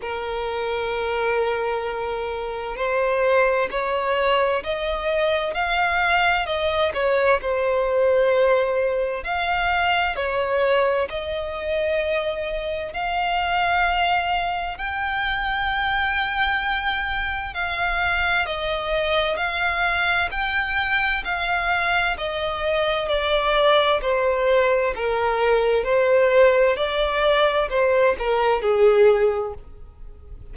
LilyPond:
\new Staff \with { instrumentName = "violin" } { \time 4/4 \tempo 4 = 65 ais'2. c''4 | cis''4 dis''4 f''4 dis''8 cis''8 | c''2 f''4 cis''4 | dis''2 f''2 |
g''2. f''4 | dis''4 f''4 g''4 f''4 | dis''4 d''4 c''4 ais'4 | c''4 d''4 c''8 ais'8 gis'4 | }